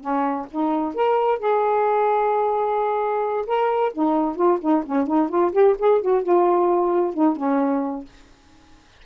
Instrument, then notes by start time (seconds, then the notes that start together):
saxophone
0.00 C#4
0.51 D#4
0.94 A#4
1.39 G#4
3.46 A#4
3.93 D#4
4.35 F4
4.61 D#4
4.85 C#4
5.07 D#4
5.29 F4
5.52 G4
5.78 G#4
6.01 F#4
6.22 F4
7.13 D#4
7.36 C#4